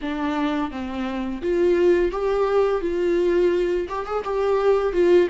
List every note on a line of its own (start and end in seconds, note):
0.01 0.71 D4
0.71 1.41 C4
1.41 2.11 F4
2.11 2.81 G4
2.81 3.87 F4
3.88 4.06 G4
4.06 4.24 G#4
4.24 4.92 G4
4.92 5.27 F4